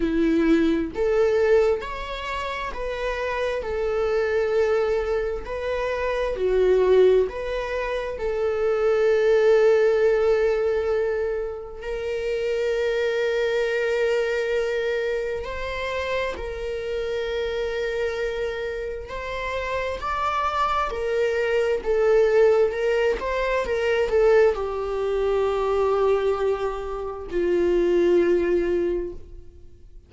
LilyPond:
\new Staff \with { instrumentName = "viola" } { \time 4/4 \tempo 4 = 66 e'4 a'4 cis''4 b'4 | a'2 b'4 fis'4 | b'4 a'2.~ | a'4 ais'2.~ |
ais'4 c''4 ais'2~ | ais'4 c''4 d''4 ais'4 | a'4 ais'8 c''8 ais'8 a'8 g'4~ | g'2 f'2 | }